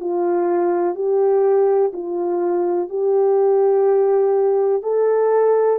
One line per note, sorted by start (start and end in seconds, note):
0.00 0.95 F4
0.95 1.92 G4
1.93 2.89 F4
2.89 4.83 G4
4.83 5.79 A4